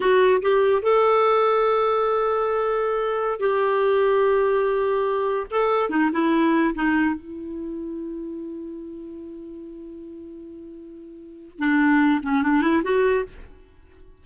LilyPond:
\new Staff \with { instrumentName = "clarinet" } { \time 4/4 \tempo 4 = 145 fis'4 g'4 a'2~ | a'1~ | a'16 g'2.~ g'8.~ | g'4~ g'16 a'4 dis'8 e'4~ e'16~ |
e'16 dis'4 e'2~ e'8.~ | e'1~ | e'1 | d'4. cis'8 d'8 e'8 fis'4 | }